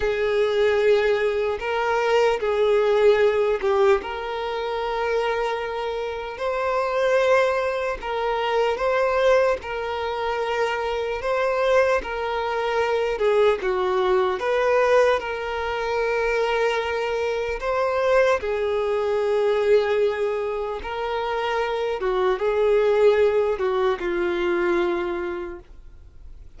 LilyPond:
\new Staff \with { instrumentName = "violin" } { \time 4/4 \tempo 4 = 75 gis'2 ais'4 gis'4~ | gis'8 g'8 ais'2. | c''2 ais'4 c''4 | ais'2 c''4 ais'4~ |
ais'8 gis'8 fis'4 b'4 ais'4~ | ais'2 c''4 gis'4~ | gis'2 ais'4. fis'8 | gis'4. fis'8 f'2 | }